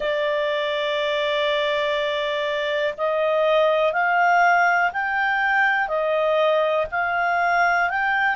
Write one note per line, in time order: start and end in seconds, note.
0.00 2.94 D5
2.97 3.93 D#5
3.93 4.91 F5
4.92 5.87 G5
5.87 6.86 D#5
6.91 7.90 F5
7.90 8.35 G5